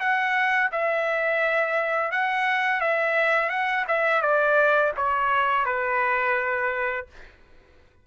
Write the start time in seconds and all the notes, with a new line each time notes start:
0.00 F#5
0.72 E5
2.12 F#5
2.81 E5
3.49 F#5
3.88 E5
4.22 D5
4.96 C#5
5.65 B4